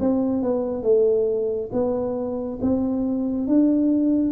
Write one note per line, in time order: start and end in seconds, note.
0.00 0.43 C4
0.43 0.83 B3
0.83 1.70 A3
1.72 2.59 B3
2.62 3.47 C4
3.47 4.32 D4